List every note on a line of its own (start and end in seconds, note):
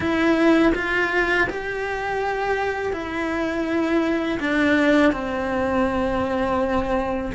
0.00 0.73 E4
0.75 1.48 F4
1.49 2.92 G4
2.92 4.39 E4
4.39 5.12 D4
5.12 7.31 C4